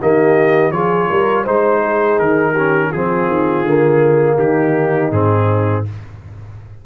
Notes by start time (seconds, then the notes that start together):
0.00 D#3 A#3 G4 D#5
0.71 F3 F4 G#4 C#5
1.09 G3 A#4
1.43 G#3 D#4 C5
1.81 G#4
2.19 D#3 A#4
2.51 C#4 G4
2.90 F3 C4 F4 G#4
3.27 D#3
3.63 D3 A#3
4.36 D#3 D#4 G4
5.11 G#2 C4 G#4